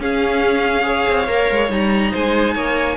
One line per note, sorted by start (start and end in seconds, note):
0.00 1.06 C#4
0.00 0.83 C#4
0.00 0.86 G#4
0.00 1.72 F5
0.83 1.25 G#4
0.83 2.12 C#5
1.09 1.28 C4
1.28 1.50 A#3
1.28 1.70 A#4
1.51 1.70 G#3
1.70 2.12 G3
1.70 2.97 D#4
1.70 2.14 A#5
2.12 2.55 G#3
2.12 2.54 C5
2.12 2.97 G#5
2.54 2.97 A#3
2.54 2.97 C#5